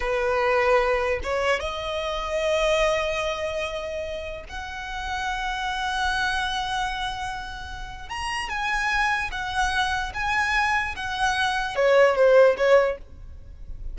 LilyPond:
\new Staff \with { instrumentName = "violin" } { \time 4/4 \tempo 4 = 148 b'2. cis''4 | dis''1~ | dis''2. fis''4~ | fis''1~ |
fis''1 | ais''4 gis''2 fis''4~ | fis''4 gis''2 fis''4~ | fis''4 cis''4 c''4 cis''4 | }